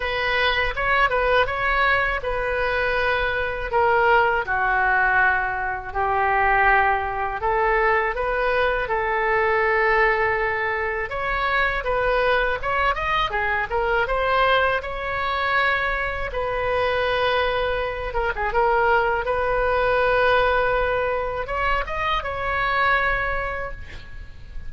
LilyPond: \new Staff \with { instrumentName = "oboe" } { \time 4/4 \tempo 4 = 81 b'4 cis''8 b'8 cis''4 b'4~ | b'4 ais'4 fis'2 | g'2 a'4 b'4 | a'2. cis''4 |
b'4 cis''8 dis''8 gis'8 ais'8 c''4 | cis''2 b'2~ | b'8 ais'16 gis'16 ais'4 b'2~ | b'4 cis''8 dis''8 cis''2 | }